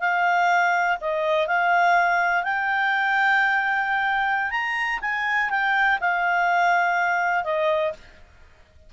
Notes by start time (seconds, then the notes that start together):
0.00 F5
1.00 D#5
1.47 F5
2.43 G5
4.51 A#5
5.01 G#5
5.50 G5
6.00 F5
7.44 D#5